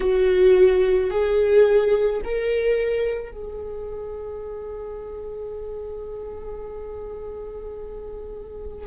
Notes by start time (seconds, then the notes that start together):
0.00 F#4
1.10 G#4
2.24 A#4
3.31 G#4